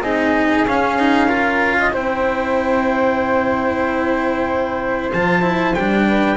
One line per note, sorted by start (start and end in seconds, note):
0.00 0.64 C4
0.00 0.68 D#4
0.00 1.28 G#4
0.00 0.66 D#5
0.66 1.93 C#4
0.66 0.99 C#4
0.66 1.94 F5
0.99 1.29 D#4
1.28 1.93 F4
1.28 1.76 A#4
1.79 1.94 D#5
1.93 5.12 C4
1.93 5.13 E4
1.93 6.08 C5
1.93 5.13 G5
5.13 5.76 F3
5.13 5.42 F4
5.13 5.75 A5
5.42 5.74 E4
5.75 6.37 G3
5.75 6.37 D4
5.75 6.37 G5
6.08 6.37 B4